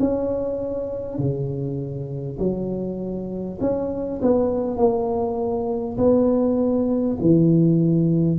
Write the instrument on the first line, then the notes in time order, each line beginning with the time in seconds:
tuba
0.00 C#4
1.18 C#3
2.39 F#3
3.61 C#4
4.22 B3
4.77 A#3
5.97 B3
7.21 E3